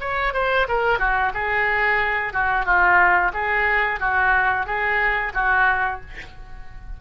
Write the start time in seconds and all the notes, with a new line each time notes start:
0.00 C#5
0.33 C5
0.68 A#4
0.99 F#4
1.34 G#4
2.33 F#4
2.65 F4
3.33 G#4
4.00 F#4
4.66 G#4
5.34 F#4